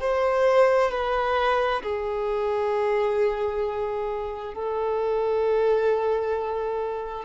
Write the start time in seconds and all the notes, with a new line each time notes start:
0.00 C5
0.91 B4
1.83 G#4
4.54 A4